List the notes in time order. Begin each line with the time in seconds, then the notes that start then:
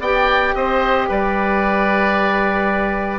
0.00 B3 G4 D5 G5
0.55 C4 C5 D#5
1.08 G3 B4 D5